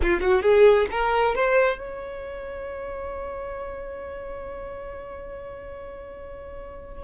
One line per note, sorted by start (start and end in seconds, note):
0.02 0.20 F4
0.20 0.42 F#4
0.42 0.86 G#4
0.90 1.35 A#4
1.35 1.78 C5
1.78 7.03 C#5